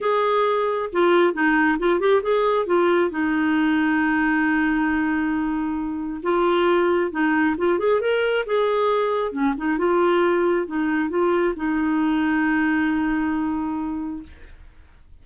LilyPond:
\new Staff \with { instrumentName = "clarinet" } { \time 4/4 \tempo 4 = 135 gis'2 f'4 dis'4 | f'8 g'8 gis'4 f'4 dis'4~ | dis'1~ | dis'2 f'2 |
dis'4 f'8 gis'8 ais'4 gis'4~ | gis'4 cis'8 dis'8 f'2 | dis'4 f'4 dis'2~ | dis'1 | }